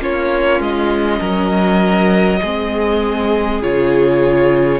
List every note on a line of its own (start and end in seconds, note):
0.00 0.60 A#3
0.00 2.40 C#4
0.00 1.20 F4
0.00 0.62 C#5
0.60 1.20 G#3
0.60 3.62 D#5
1.20 2.41 F#3
1.20 2.40 A#4
2.41 3.63 G#3
2.41 3.62 C4
2.41 4.80 G#4
3.62 4.80 C#3
3.62 4.80 F4
3.62 4.80 C#5